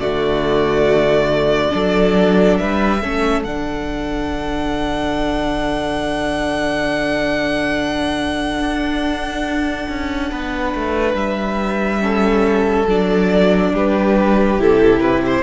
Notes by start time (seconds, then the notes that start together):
0.00 D3 A3 F#4 D5
1.70 F#3 D4 A4
2.57 G3 B4 E5
3.01 A3 C#4 A4
3.44 D3 D4 F#5
8.59 D4
9.89 C#4
10.31 B3 B4
10.75 A3
11.14 G3 E5
12.00 C#4 A4
12.87 F#3 D4 D5
13.73 G3 G4 B4
14.58 C3 E4 A4
15.01 B4
15.26 C5